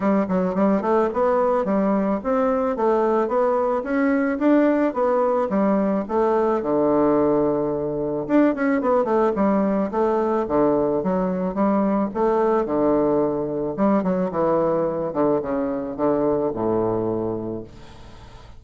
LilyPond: \new Staff \with { instrumentName = "bassoon" } { \time 4/4 \tempo 4 = 109 g8 fis8 g8 a8 b4 g4 | c'4 a4 b4 cis'4 | d'4 b4 g4 a4 | d2. d'8 cis'8 |
b8 a8 g4 a4 d4 | fis4 g4 a4 d4~ | d4 g8 fis8 e4. d8 | cis4 d4 a,2 | }